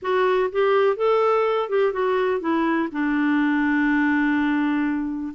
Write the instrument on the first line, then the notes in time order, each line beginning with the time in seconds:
clarinet
0.02 F#4
0.51 G4
0.96 A4
1.69 G4
1.92 F#4
2.40 E4
2.91 D4